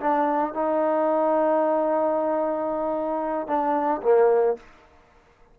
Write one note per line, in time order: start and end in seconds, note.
0.00 0.54 D4
0.54 3.47 D#4
3.47 4.01 D4
4.02 4.56 A#3